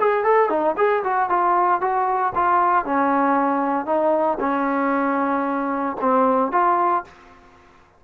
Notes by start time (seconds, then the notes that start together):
0.00 G#4
0.24 A4
0.49 D#4
0.77 G#4
1.04 F#4
1.29 F4
1.81 F#4
2.35 F4
2.85 C#4
3.86 D#4
4.40 C#4
6.01 C4
6.52 F4